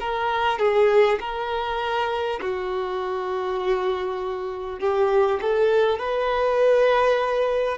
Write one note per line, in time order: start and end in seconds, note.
0.00 0.58 A#4
0.58 1.18 G#4
1.20 2.40 A#4
2.41 4.79 F#4
4.79 5.39 G4
5.41 5.98 A4
5.98 7.78 B4